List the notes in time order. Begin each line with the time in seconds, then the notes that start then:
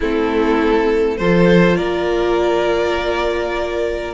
0.00 A3 C4 E4 A4
1.17 F3 F4 A4 C5
1.76 A#3 A#4 D5